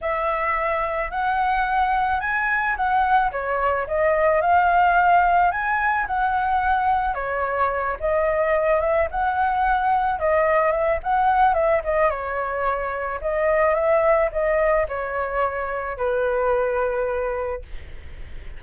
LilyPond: \new Staff \with { instrumentName = "flute" } { \time 4/4 \tempo 4 = 109 e''2 fis''2 | gis''4 fis''4 cis''4 dis''4 | f''2 gis''4 fis''4~ | fis''4 cis''4. dis''4. |
e''8 fis''2 dis''4 e''8 | fis''4 e''8 dis''8 cis''2 | dis''4 e''4 dis''4 cis''4~ | cis''4 b'2. | }